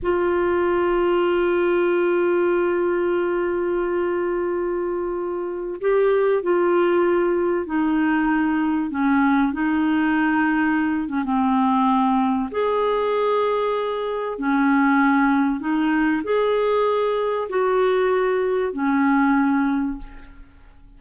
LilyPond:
\new Staff \with { instrumentName = "clarinet" } { \time 4/4 \tempo 4 = 96 f'1~ | f'1~ | f'4~ f'16 g'4 f'4.~ f'16~ | f'16 dis'2 cis'4 dis'8.~ |
dis'4.~ dis'16 cis'16 c'2 | gis'2. cis'4~ | cis'4 dis'4 gis'2 | fis'2 cis'2 | }